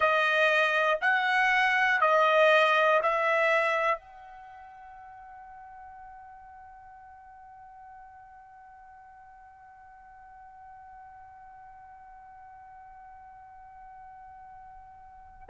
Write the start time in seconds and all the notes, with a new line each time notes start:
0.00 D#5
1.00 F#5
2.00 D#5
3.02 E5
3.98 F#5